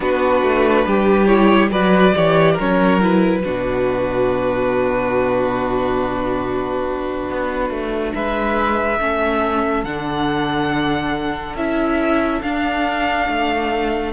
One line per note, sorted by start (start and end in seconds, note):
0.00 0.42 B3
0.00 1.27 D4
0.00 0.86 F#4
0.00 1.26 B4
0.42 0.85 A3
0.86 1.70 G3
0.86 1.71 G4
1.26 1.70 E4
1.26 1.68 C#5
1.70 2.13 F#3
1.70 2.13 F#4
1.70 2.14 B4
1.70 2.57 D5
2.15 2.58 E3
2.15 2.58 G4
2.15 2.53 C#5
2.53 3.39 A#4
2.59 3.45 F#3
2.59 3.00 C#4
2.59 3.02 C#5
3.00 3.43 E4
3.00 8.14 B4
3.44 7.29 B2
3.44 8.99 D4
3.44 8.14 F#4
7.29 7.70 B3
7.70 8.12 A3
8.14 8.99 G#3
8.14 9.00 B4
8.14 9.84 E5
8.99 9.84 A3
8.99 9.85 C#4
8.99 14.12 A4
9.84 11.55 D3
9.84 11.57 D4
9.84 11.56 F#5
11.55 12.41 C#4
11.55 12.42 E4
11.55 12.41 E5
12.41 13.27 D4
12.41 14.12 D4
12.41 14.12 F5
13.27 14.12 A3